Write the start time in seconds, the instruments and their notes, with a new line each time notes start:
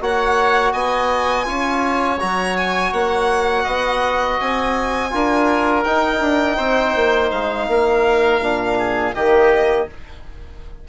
0.00 bassoon A#3, trombone F#4, oboe C#5, violin F#5
0.72 bassoon B3, oboe D#5, violin G#5
1.45 bassoon C#4, trombone F4, oboe C#5
2.19 bassoon F#3, trombone F#4, violin A#5
2.57 violin G#5
2.92 bassoon A#3, violin F#5
3.63 bassoon B3, oboe D#5
4.40 bassoon C4, violin G#5
5.10 bassoon D4, trombone F4, oboe A#4
5.83 bassoon D#4, trombone D#4, violin G5
6.20 bassoon D4
6.56 bassoon C4, oboe C5
6.95 bassoon A#3
7.31 bassoon G#3, violin F5
7.68 bassoon A#3, oboe A#4
8.40 bassoon A#2, trombone D4
8.78 oboe G#4
9.14 bassoon D#3, trombone A#3, oboe G4, violin D#5